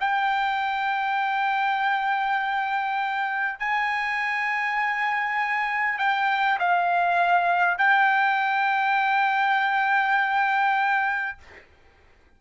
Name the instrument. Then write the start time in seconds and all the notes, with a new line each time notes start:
trumpet
0.00 G5
3.59 G#5
5.98 G5
6.59 F5
7.78 G5